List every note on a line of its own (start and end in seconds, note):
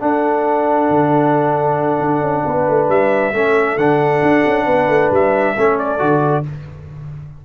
0.00 3.33 D4
0.00 0.90 D4
0.00 2.45 A4
0.00 2.89 F#5
0.90 2.00 D3
2.00 2.21 D4
2.21 2.43 C#4
2.45 2.68 B3
2.45 3.34 B4
2.68 2.89 A3
2.89 3.33 G3
2.89 3.78 E5
3.33 3.77 A3
3.33 3.78 C#4
3.33 4.65 A4
3.77 4.21 D3
3.77 5.57 D4
3.77 5.11 F#5
4.22 4.44 D4
4.46 4.66 C#4
4.65 4.88 B3
4.65 5.54 B4
4.88 5.11 A3
5.11 5.55 G3
5.11 5.79 E5
5.55 6.01 A3
5.55 5.99 C#4
5.55 6.44 A4
5.79 6.45 D5
5.99 6.45 D3
5.99 6.43 F#4